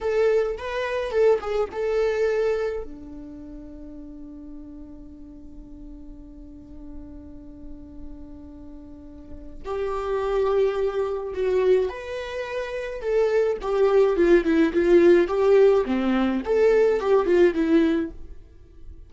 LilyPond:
\new Staff \with { instrumentName = "viola" } { \time 4/4 \tempo 4 = 106 a'4 b'4 a'8 gis'8 a'4~ | a'4 d'2.~ | d'1~ | d'1~ |
d'4 g'2. | fis'4 b'2 a'4 | g'4 f'8 e'8 f'4 g'4 | c'4 a'4 g'8 f'8 e'4 | }